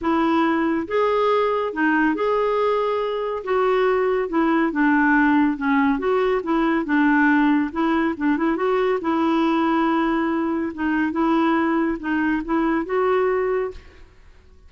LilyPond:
\new Staff \with { instrumentName = "clarinet" } { \time 4/4 \tempo 4 = 140 e'2 gis'2 | dis'4 gis'2. | fis'2 e'4 d'4~ | d'4 cis'4 fis'4 e'4 |
d'2 e'4 d'8 e'8 | fis'4 e'2.~ | e'4 dis'4 e'2 | dis'4 e'4 fis'2 | }